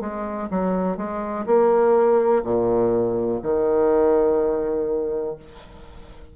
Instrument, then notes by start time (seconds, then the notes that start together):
bassoon
0.00 G#3
0.50 F#3
0.97 G#3
1.46 A#3
2.43 A#2
3.42 D#3